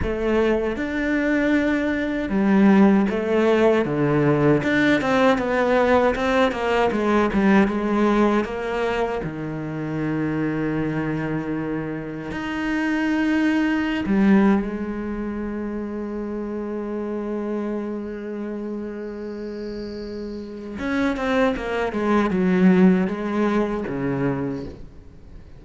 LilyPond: \new Staff \with { instrumentName = "cello" } { \time 4/4 \tempo 4 = 78 a4 d'2 g4 | a4 d4 d'8 c'8 b4 | c'8 ais8 gis8 g8 gis4 ais4 | dis1 |
dis'2~ dis'16 g8. gis4~ | gis1~ | gis2. cis'8 c'8 | ais8 gis8 fis4 gis4 cis4 | }